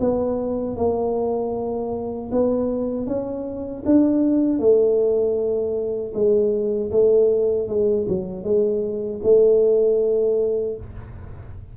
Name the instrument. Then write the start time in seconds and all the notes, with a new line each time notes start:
tuba
0.00 B3
0.77 A#3
2.31 B3
3.07 C#4
3.86 D4
4.59 A3
6.14 G#3
6.91 A3
7.68 G#3
8.08 F#3
8.43 G#3
9.23 A3